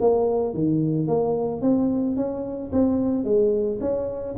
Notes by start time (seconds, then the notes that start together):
0.00 A#3
0.54 D#3
1.07 A#3
1.61 C4
2.16 C#4
2.72 C4
3.24 G#3
3.80 C#4